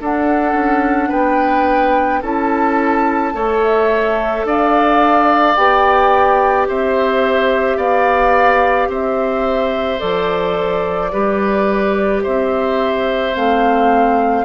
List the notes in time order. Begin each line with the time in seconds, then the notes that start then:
0.00 D4 A4 F#5
0.53 C#4
1.08 B3 B4 G5
2.22 C#4 E4 A4 A5
3.33 A3 A4 C#5
3.62 E5
4.44 D4 D5 F5
5.55 B3 G4 G5
6.68 C4 C5 E5
7.77 B3 D5 F5
8.87 C4 C5 E5
9.99 F3 A4 D5
11.12 G3 G4 B4
12.23 C4 C5 E5
13.34 A3 C4 F5